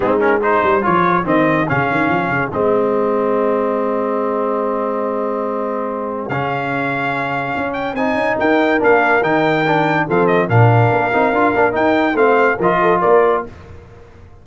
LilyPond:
<<
  \new Staff \with { instrumentName = "trumpet" } { \time 4/4 \tempo 4 = 143 gis'8 ais'8 c''4 cis''4 dis''4 | f''2 dis''2~ | dis''1~ | dis''2. f''4~ |
f''2~ f''8 g''8 gis''4 | g''4 f''4 g''2 | f''8 dis''8 f''2. | g''4 f''4 dis''4 d''4 | }
  \new Staff \with { instrumentName = "horn" } { \time 4/4 dis'4 gis'2.~ | gis'1~ | gis'1~ | gis'1~ |
gis'1 | ais'1 | a'4 ais'2.~ | ais'4 c''4 ais'8 a'8 ais'4 | }
  \new Staff \with { instrumentName = "trombone" } { \time 4/4 c'8 cis'8 dis'4 f'4 c'4 | cis'2 c'2~ | c'1~ | c'2. cis'4~ |
cis'2. dis'4~ | dis'4 d'4 dis'4 d'4 | c'4 d'4. dis'8 f'8 d'8 | dis'4 c'4 f'2 | }
  \new Staff \with { instrumentName = "tuba" } { \time 4/4 gis4. g8 f4 dis4 | cis8 dis8 f8 cis8 gis2~ | gis1~ | gis2. cis4~ |
cis2 cis'4 c'8 cis'8 | dis'4 ais4 dis2 | f4 ais,4 ais8 c'8 d'8 ais8 | dis'4 a4 f4 ais4 | }
>>